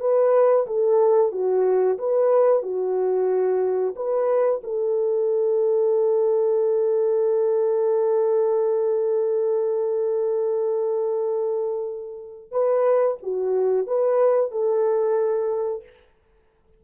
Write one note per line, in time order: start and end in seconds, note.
0.00 0.66 B4
0.66 1.32 A4
1.32 1.98 F#4
1.98 2.62 B4
2.62 3.94 F#4
3.95 4.61 B4
4.63 12.51 A4
12.51 13.17 B4
13.23 13.87 F#4
13.87 14.51 B4
14.51 15.83 A4